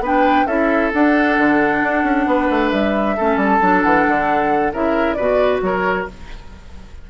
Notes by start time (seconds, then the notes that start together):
0.00 B3 D4 B4
0.06 G5
0.47 C#4 E4 A4 E5
0.94 D4 F#5
1.38 D3
1.83 D4
2.03 C#4
2.26 B3 B4
2.50 A3
2.71 G3 E5
3.17 A3 C#4 A4
3.36 G3 A5
3.61 F#3 D4
3.83 E3 F#5
4.08 D3
4.73 C#3 E4 A#4 E5
5.14 B2 F#4 B4 D5
5.62 F#3 A#4 C#5